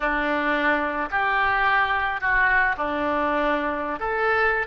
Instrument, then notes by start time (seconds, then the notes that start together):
oboe
0.00 D4
1.10 G4
2.20 F#4
2.77 D4
3.99 A4